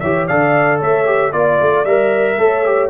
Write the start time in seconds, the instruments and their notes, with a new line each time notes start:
0.00 tuba E3, trombone G4, horn C#5, trumpet E5
0.26 tuba D3, trombone A4, horn D5, trumpet F5
0.79 tuba A3, horn C#5, trumpet E5
1.05 trombone G4
1.32 tuba A#3, trombone F4, trumpet D5, horn D5
1.61 tuba A3
1.85 tuba G3, trombone A#4, trumpet E5
2.38 tuba A3, trombone A4, horn C#5
2.65 trombone G4